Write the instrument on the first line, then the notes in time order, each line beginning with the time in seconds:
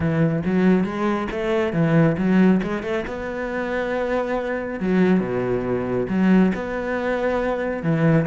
cello
0.00 E3
0.45 F#3
0.84 G#3
1.31 A3
1.73 E3
2.17 F#3
2.62 G#3
2.83 A3
3.07 B3
4.79 F#3
5.20 B2
6.08 F#3
6.54 B3
7.82 E3